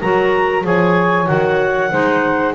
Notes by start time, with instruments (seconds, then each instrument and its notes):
0.00 double bass F#3, clarinet F#4 A#5, saxophone A#4
0.62 double bass F3, clarinet G#4 G#5, saxophone C#5
1.27 double bass D#3, clarinet F#4 F#5
1.91 double bass G#3, clarinet D#4, saxophone C5